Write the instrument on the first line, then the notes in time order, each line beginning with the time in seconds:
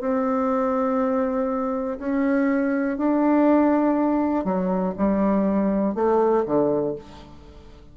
bassoon
0.00 C4
1.99 C#4
2.97 D4
4.44 F#3
4.97 G3
5.94 A3
6.45 D3